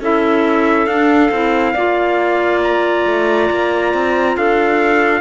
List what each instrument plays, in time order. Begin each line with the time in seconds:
0.00 cello C#4, clarinet E4 A4, trumpet E5
0.86 cello D4, clarinet D4, trumpet F5
1.30 cello C4, clarinet E4
1.73 cello A#3, clarinet F4 D5
2.62 trumpet A#5
3.06 cello A3
3.50 cello A#3
3.93 cello C4
4.37 cello D4, clarinet A4, trumpet F5